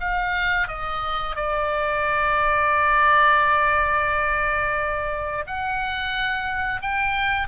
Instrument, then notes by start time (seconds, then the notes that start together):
oboe
0.00 F5
0.68 D#5
1.36 D5
5.47 F#5
6.82 G5